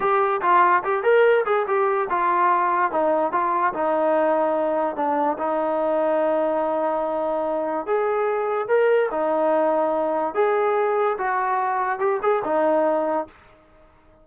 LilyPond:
\new Staff \with { instrumentName = "trombone" } { \time 4/4 \tempo 4 = 145 g'4 f'4 g'8 ais'4 gis'8 | g'4 f'2 dis'4 | f'4 dis'2. | d'4 dis'2.~ |
dis'2. gis'4~ | gis'4 ais'4 dis'2~ | dis'4 gis'2 fis'4~ | fis'4 g'8 gis'8 dis'2 | }